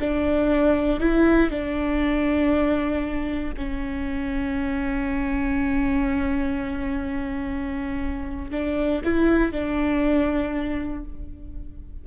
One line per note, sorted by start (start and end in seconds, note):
0.00 1.00 D4
1.00 1.50 E4
1.50 3.54 D4
3.57 8.51 C#4
8.51 9.02 D4
9.04 9.52 E4
9.52 11.04 D4